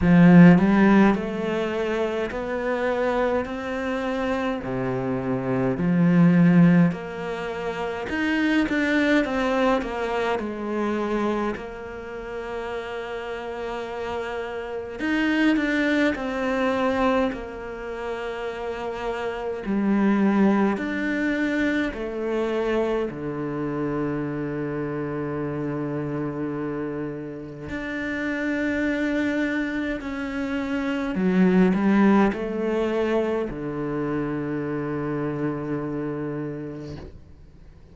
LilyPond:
\new Staff \with { instrumentName = "cello" } { \time 4/4 \tempo 4 = 52 f8 g8 a4 b4 c'4 | c4 f4 ais4 dis'8 d'8 | c'8 ais8 gis4 ais2~ | ais4 dis'8 d'8 c'4 ais4~ |
ais4 g4 d'4 a4 | d1 | d'2 cis'4 fis8 g8 | a4 d2. | }